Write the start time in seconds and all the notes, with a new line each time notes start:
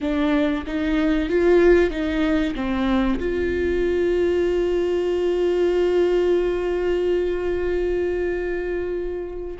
0.01 D4
0.66 D#4
1.29 F4
1.90 D#4
2.55 C4
3.19 F4